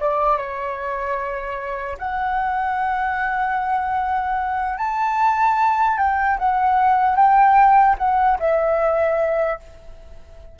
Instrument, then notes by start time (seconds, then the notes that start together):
flute
0.00 D5
0.37 C#5
1.99 F#5
4.78 A5
5.98 G5
6.39 F#5
7.16 G5
7.98 F#5
8.40 E5